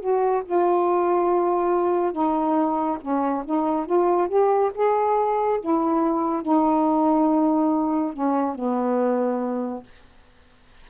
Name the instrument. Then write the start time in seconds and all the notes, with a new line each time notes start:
saxophone
0.00 F#4
0.45 F4
2.12 D#4
3.01 C#4
3.45 D#4
3.86 F4
4.29 G4
4.75 G#4
5.61 E4
6.42 D#4
8.14 C#4
8.55 B3